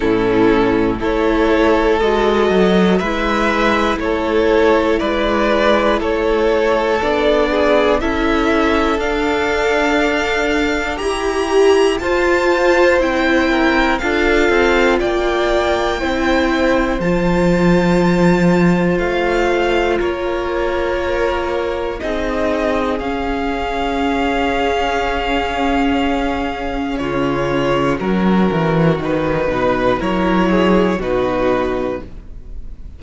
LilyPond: <<
  \new Staff \with { instrumentName = "violin" } { \time 4/4 \tempo 4 = 60 a'4 cis''4 dis''4 e''4 | cis''4 d''4 cis''4 d''4 | e''4 f''2 ais''4 | a''4 g''4 f''4 g''4~ |
g''4 a''2 f''4 | cis''2 dis''4 f''4~ | f''2. cis''4 | ais'4 b'4 cis''4 b'4 | }
  \new Staff \with { instrumentName = "violin" } { \time 4/4 e'4 a'2 b'4 | a'4 b'4 a'4. gis'8 | a'2. g'4 | c''4. ais'8 a'4 d''4 |
c''1 | ais'2 gis'2~ | gis'2. f'4 | fis'4. b'8 ais'8 gis'8 fis'4 | }
  \new Staff \with { instrumentName = "viola" } { \time 4/4 cis'4 e'4 fis'4 e'4~ | e'2. d'4 | e'4 d'2 g'4 | f'4 e'4 f'2 |
e'4 f'2.~ | f'2 dis'4 cis'4~ | cis'1~ | cis'4 dis'4 e'4 dis'4 | }
  \new Staff \with { instrumentName = "cello" } { \time 4/4 a,4 a4 gis8 fis8 gis4 | a4 gis4 a4 b4 | cis'4 d'2 e'4 | f'4 c'4 d'8 c'8 ais4 |
c'4 f2 a4 | ais2 c'4 cis'4~ | cis'2. cis4 | fis8 e8 dis8 b,8 fis4 b,4 | }
>>